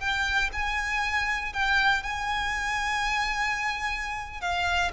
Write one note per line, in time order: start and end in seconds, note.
0.00 0.50 G5
0.53 1.53 G#5
1.53 2.03 G5
2.03 4.41 G#5
4.41 4.92 F5